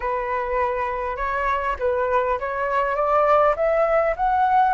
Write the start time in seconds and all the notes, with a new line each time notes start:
0.00 B4
1.16 C#5
1.79 B4
2.39 C#5
2.95 D5
3.56 E5
4.16 F#5